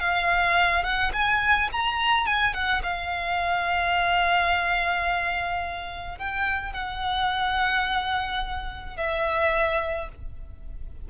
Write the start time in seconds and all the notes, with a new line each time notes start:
0.00 F5
0.84 F#5
1.13 G#5
1.73 A#5
2.27 G#5
2.54 F#5
2.83 F5
6.19 G5
6.73 F#5
8.97 E5